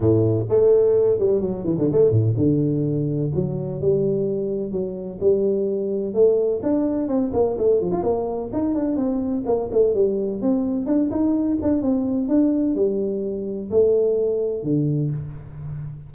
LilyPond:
\new Staff \with { instrumentName = "tuba" } { \time 4/4 \tempo 4 = 127 a,4 a4. g8 fis8 e16 d16 | a8 a,8 d2 fis4 | g2 fis4 g4~ | g4 a4 d'4 c'8 ais8 |
a8 f16 f'16 ais4 dis'8 d'8 c'4 | ais8 a8 g4 c'4 d'8 dis'8~ | dis'8 d'8 c'4 d'4 g4~ | g4 a2 d4 | }